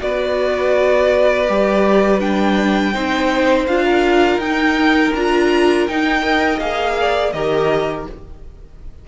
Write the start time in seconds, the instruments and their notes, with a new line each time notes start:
0.00 cello B3, viola F#4, violin B4 D5
1.49 cello G3, viola G4
2.20 viola D4, violin G5
2.94 cello C4, viola D#4, violin C5
3.68 cello D4, viola F4, violin F5
3.85 violin A#4
4.37 cello D#4, viola D#4, violin G5
5.15 cello D4, viola F4, violin A#5
5.87 viola D#4, cello D#4, violin G5
6.23 viola A#4, violin D#5
6.60 cello A#3, viola G#4, violin F5
7.01 violin D5
7.32 cello D#3, viola G4, violin A#4 D#5